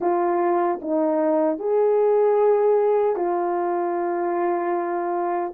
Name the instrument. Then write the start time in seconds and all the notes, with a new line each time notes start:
horn
0.00 F4
0.81 D#4
1.58 G#4
3.16 F4